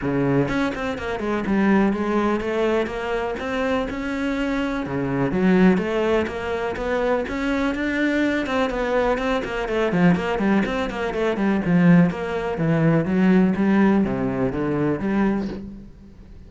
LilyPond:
\new Staff \with { instrumentName = "cello" } { \time 4/4 \tempo 4 = 124 cis4 cis'8 c'8 ais8 gis8 g4 | gis4 a4 ais4 c'4 | cis'2 cis4 fis4 | a4 ais4 b4 cis'4 |
d'4. c'8 b4 c'8 ais8 | a8 f8 ais8 g8 c'8 ais8 a8 g8 | f4 ais4 e4 fis4 | g4 c4 d4 g4 | }